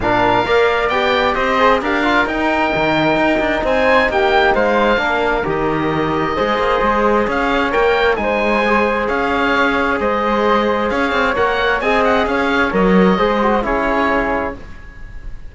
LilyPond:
<<
  \new Staff \with { instrumentName = "oboe" } { \time 4/4 \tempo 4 = 132 f''2 g''4 dis''4 | f''4 g''2. | gis''4 g''4 f''2 | dis''1 |
f''4 g''4 gis''2 | f''2 dis''2 | f''4 fis''4 gis''8 fis''8 f''4 | dis''2 cis''2 | }
  \new Staff \with { instrumentName = "flute" } { \time 4/4 ais'4 d''2 c''4 | ais'1 | c''4 g'4 c''4 ais'4~ | ais'2 c''2 |
cis''2 c''2 | cis''2 c''2 | cis''2 dis''4 cis''4~ | cis''4 c''4 gis'2 | }
  \new Staff \with { instrumentName = "trombone" } { \time 4/4 d'4 ais'4 g'4. gis'8 | g'8 f'8 dis'2.~ | dis'2. d'4 | g'2 gis'2~ |
gis'4 ais'4 dis'4 gis'4~ | gis'1~ | gis'4 ais'4 gis'2 | ais'4 gis'8 fis'8 e'2 | }
  \new Staff \with { instrumentName = "cello" } { \time 4/4 ais,4 ais4 b4 c'4 | d'4 dis'4 dis4 dis'8 d'8 | c'4 ais4 gis4 ais4 | dis2 gis8 ais8 gis4 |
cis'4 ais4 gis2 | cis'2 gis2 | cis'8 c'8 ais4 c'4 cis'4 | fis4 gis4 cis'2 | }
>>